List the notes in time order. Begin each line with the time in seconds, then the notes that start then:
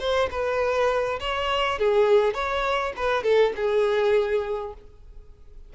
0.00 C5
0.31 B4
1.20 C#5
1.79 G#4
2.34 C#5
2.97 B4
3.24 A4
3.57 G#4